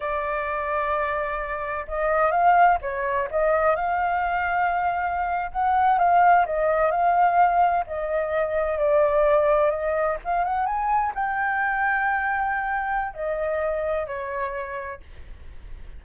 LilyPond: \new Staff \with { instrumentName = "flute" } { \time 4/4 \tempo 4 = 128 d''1 | dis''4 f''4 cis''4 dis''4 | f''2.~ f''8. fis''16~ | fis''8. f''4 dis''4 f''4~ f''16~ |
f''8. dis''2 d''4~ d''16~ | d''8. dis''4 f''8 fis''8 gis''4 g''16~ | g''1 | dis''2 cis''2 | }